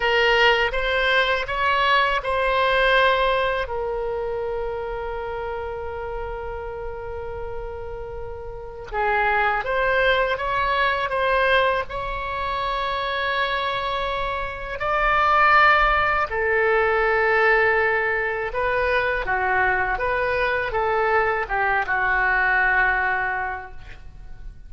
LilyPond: \new Staff \with { instrumentName = "oboe" } { \time 4/4 \tempo 4 = 81 ais'4 c''4 cis''4 c''4~ | c''4 ais'2.~ | ais'1 | gis'4 c''4 cis''4 c''4 |
cis''1 | d''2 a'2~ | a'4 b'4 fis'4 b'4 | a'4 g'8 fis'2~ fis'8 | }